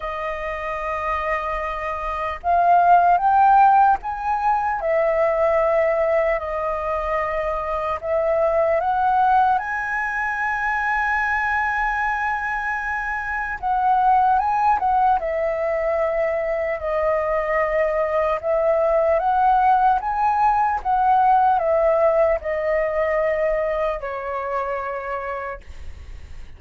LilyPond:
\new Staff \with { instrumentName = "flute" } { \time 4/4 \tempo 4 = 75 dis''2. f''4 | g''4 gis''4 e''2 | dis''2 e''4 fis''4 | gis''1~ |
gis''4 fis''4 gis''8 fis''8 e''4~ | e''4 dis''2 e''4 | fis''4 gis''4 fis''4 e''4 | dis''2 cis''2 | }